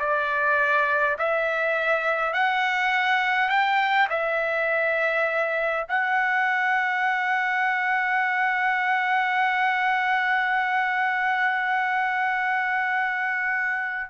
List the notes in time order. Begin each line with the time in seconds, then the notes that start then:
0.00 D5
1.19 E5
2.34 F#5
3.50 G5
4.11 E5
5.89 F#5